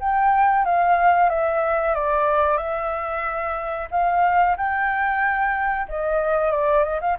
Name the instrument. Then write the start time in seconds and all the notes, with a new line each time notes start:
flute
0.00 G5
0.65 F5
1.30 E5
1.94 D5
2.58 E5
3.91 F5
4.57 G5
5.88 D#5
6.52 D5
6.84 D#5
7.01 F5